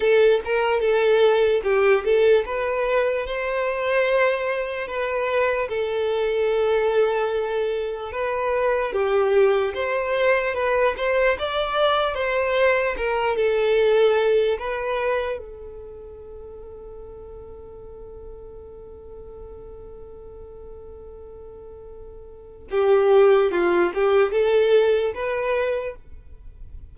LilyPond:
\new Staff \with { instrumentName = "violin" } { \time 4/4 \tempo 4 = 74 a'8 ais'8 a'4 g'8 a'8 b'4 | c''2 b'4 a'4~ | a'2 b'4 g'4 | c''4 b'8 c''8 d''4 c''4 |
ais'8 a'4. b'4 a'4~ | a'1~ | a'1 | g'4 f'8 g'8 a'4 b'4 | }